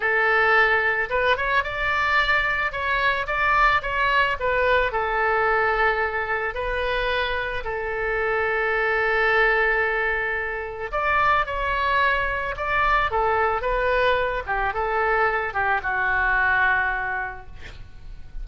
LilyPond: \new Staff \with { instrumentName = "oboe" } { \time 4/4 \tempo 4 = 110 a'2 b'8 cis''8 d''4~ | d''4 cis''4 d''4 cis''4 | b'4 a'2. | b'2 a'2~ |
a'1 | d''4 cis''2 d''4 | a'4 b'4. g'8 a'4~ | a'8 g'8 fis'2. | }